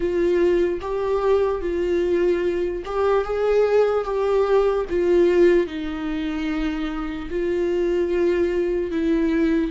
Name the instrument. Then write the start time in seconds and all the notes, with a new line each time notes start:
viola
0.00 F4
0.81 G4
1.61 F4
2.85 G4
3.24 G#4
4.04 G4
4.89 F4
5.66 D#4
7.30 F4
8.91 E4